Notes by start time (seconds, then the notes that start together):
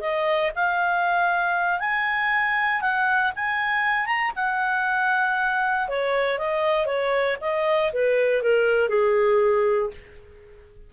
0.00 D#5
0.55 F5
1.80 G#5
2.81 F#5
3.35 G#5
4.06 A#5
4.36 F#5
5.88 C#5
6.38 D#5
6.86 C#5
7.41 D#5
7.93 B4
8.42 A#4
8.88 G#4